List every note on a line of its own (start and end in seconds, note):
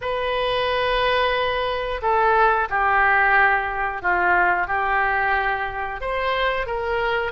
0.01 2.01 B4
2.02 2.68 A4
2.69 4.02 G4
4.02 4.67 F4
4.67 6.00 G4
6.01 6.66 C5
6.66 7.32 A#4